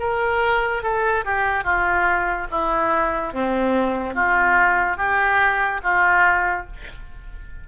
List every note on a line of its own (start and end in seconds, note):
0.00 0.83 A#4
0.83 1.25 A4
1.25 1.64 G4
1.64 2.48 F4
2.51 3.34 E4
3.34 4.16 C4
4.16 4.98 F4
4.98 5.81 G4
5.84 6.67 F4